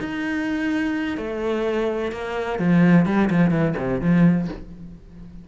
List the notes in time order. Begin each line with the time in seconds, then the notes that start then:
0.00 D#4
1.18 A3
2.12 A#3
2.59 F3
3.06 G3
3.31 F3
3.51 E3
3.78 C3
4.01 F3